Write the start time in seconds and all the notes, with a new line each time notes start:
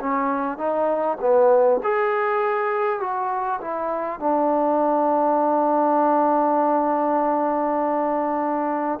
0.00 C#4
0.57 D#4
1.20 B3
1.83 G#4
3.00 F#4
3.61 E4
4.19 D4